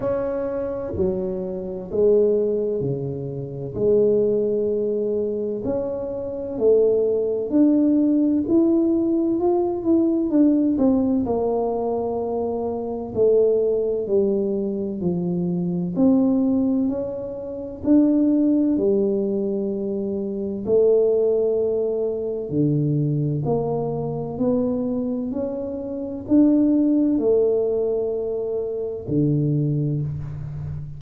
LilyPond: \new Staff \with { instrumentName = "tuba" } { \time 4/4 \tempo 4 = 64 cis'4 fis4 gis4 cis4 | gis2 cis'4 a4 | d'4 e'4 f'8 e'8 d'8 c'8 | ais2 a4 g4 |
f4 c'4 cis'4 d'4 | g2 a2 | d4 ais4 b4 cis'4 | d'4 a2 d4 | }